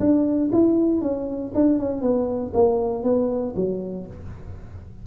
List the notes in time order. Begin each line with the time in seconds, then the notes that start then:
0.00 D4
0.52 E4
1.01 C#4
1.55 D4
1.79 C#4
2.02 B3
2.54 A#3
3.04 B3
3.56 F#3